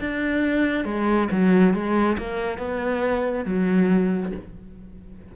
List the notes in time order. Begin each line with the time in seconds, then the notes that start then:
0.00 D4
0.84 G#3
1.31 F#3
1.73 G#3
2.17 A#3
2.58 B3
3.45 F#3